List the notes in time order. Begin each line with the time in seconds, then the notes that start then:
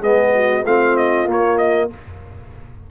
0.00 G#3 B3 G#4 D#5
0.34 F#4
0.64 A3 C4 F4 F5
0.97 D#5
1.26 A#3 C#5
1.57 D#5